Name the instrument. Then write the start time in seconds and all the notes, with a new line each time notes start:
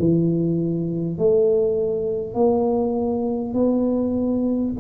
tuba
0.00 E3
1.18 A3
2.35 A#3
3.55 B3